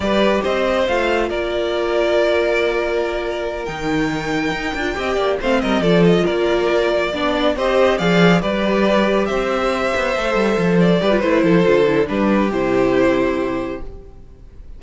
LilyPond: <<
  \new Staff \with { instrumentName = "violin" } { \time 4/4 \tempo 4 = 139 d''4 dis''4 f''4 d''4~ | d''1~ | d''8 g''2.~ g''8~ | g''8 f''8 dis''8 d''8 dis''8 d''4.~ |
d''4. dis''4 f''4 d''8~ | d''4. e''2~ e''8~ | e''4 d''4 c''2 | b'4 c''2. | }
  \new Staff \with { instrumentName = "violin" } { \time 4/4 b'4 c''2 ais'4~ | ais'1~ | ais'2.~ ais'8 dis''8 | d''8 c''8 ais'8 a'4 ais'4.~ |
ais'8 d''4 c''4 d''4 b'8~ | b'4. c''2~ c''8~ | c''4. b'4 a'4. | g'1 | }
  \new Staff \with { instrumentName = "viola" } { \time 4/4 g'2 f'2~ | f'1~ | f'8 dis'2~ dis'8 f'8 g'8~ | g'8 c'4 f'2~ f'8~ |
f'8 d'4 g'4 gis'4 g'8~ | g'2.~ g'8 a'8~ | a'4. g'16 f'16 e'4 f'8 e'8 | d'4 e'2. | }
  \new Staff \with { instrumentName = "cello" } { \time 4/4 g4 c'4 a4 ais4~ | ais1~ | ais8 dis2 dis'8 d'8 c'8 | ais8 a8 g8 f4 ais4.~ |
ais8 b4 c'4 f4 g8~ | g4. c'4. b8 a8 | g8 f4 g8 a8 f8 d4 | g4 c2. | }
>>